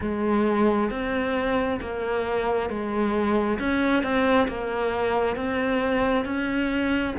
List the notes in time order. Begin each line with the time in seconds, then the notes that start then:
0.00 G#3
0.90 C4
1.81 A#3
2.69 G#3
3.59 C#4
4.03 C4
4.48 A#3
5.36 C4
6.25 C#4